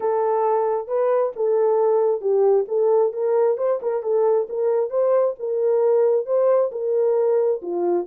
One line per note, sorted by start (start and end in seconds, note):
0.00 0.87 A4
0.87 1.32 B4
1.36 2.21 A4
2.21 2.65 G4
2.68 3.12 A4
3.12 3.57 A#4
3.57 3.80 C5
3.82 4.02 A#4
4.02 4.47 A4
4.49 4.90 A#4
4.90 5.34 C5
5.39 6.26 A#4
6.26 6.70 C5
6.71 7.61 A#4
7.61 8.06 F4